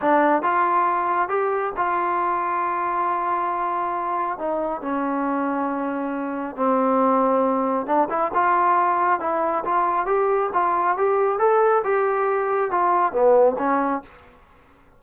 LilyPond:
\new Staff \with { instrumentName = "trombone" } { \time 4/4 \tempo 4 = 137 d'4 f'2 g'4 | f'1~ | f'2 dis'4 cis'4~ | cis'2. c'4~ |
c'2 d'8 e'8 f'4~ | f'4 e'4 f'4 g'4 | f'4 g'4 a'4 g'4~ | g'4 f'4 b4 cis'4 | }